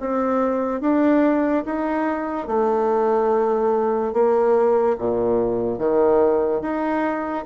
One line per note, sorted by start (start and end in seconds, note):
0.00 0.81 C4
0.81 1.64 D4
1.65 2.47 D#4
2.47 4.13 A3
4.13 4.96 A#3
4.98 5.78 A#2
5.78 6.61 D#3
6.61 7.45 D#4